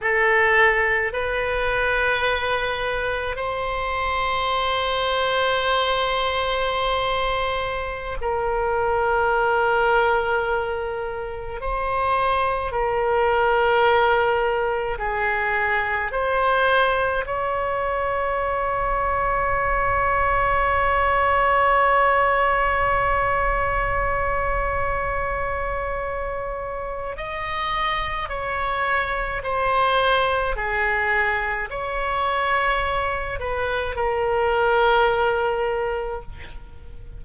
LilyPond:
\new Staff \with { instrumentName = "oboe" } { \time 4/4 \tempo 4 = 53 a'4 b'2 c''4~ | c''2.~ c''16 ais'8.~ | ais'2~ ais'16 c''4 ais'8.~ | ais'4~ ais'16 gis'4 c''4 cis''8.~ |
cis''1~ | cis''1 | dis''4 cis''4 c''4 gis'4 | cis''4. b'8 ais'2 | }